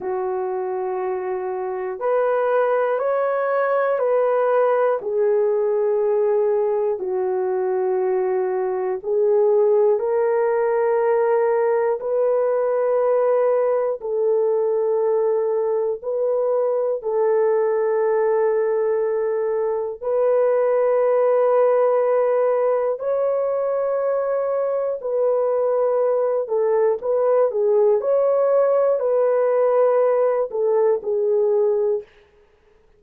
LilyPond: \new Staff \with { instrumentName = "horn" } { \time 4/4 \tempo 4 = 60 fis'2 b'4 cis''4 | b'4 gis'2 fis'4~ | fis'4 gis'4 ais'2 | b'2 a'2 |
b'4 a'2. | b'2. cis''4~ | cis''4 b'4. a'8 b'8 gis'8 | cis''4 b'4. a'8 gis'4 | }